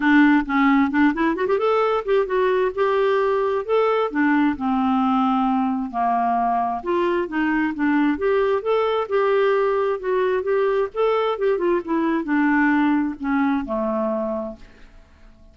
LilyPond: \new Staff \with { instrumentName = "clarinet" } { \time 4/4 \tempo 4 = 132 d'4 cis'4 d'8 e'8 fis'16 g'16 a'8~ | a'8 g'8 fis'4 g'2 | a'4 d'4 c'2~ | c'4 ais2 f'4 |
dis'4 d'4 g'4 a'4 | g'2 fis'4 g'4 | a'4 g'8 f'8 e'4 d'4~ | d'4 cis'4 a2 | }